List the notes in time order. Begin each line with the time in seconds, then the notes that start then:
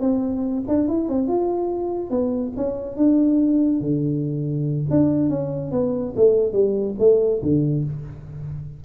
0.00 C4
0.68 D4
0.88 E4
1.08 C4
1.28 F4
2.10 B3
2.56 C#4
2.96 D4
3.80 D3
4.90 D4
5.29 C#4
5.71 B3
6.16 A3
6.52 G3
6.99 A3
7.42 D3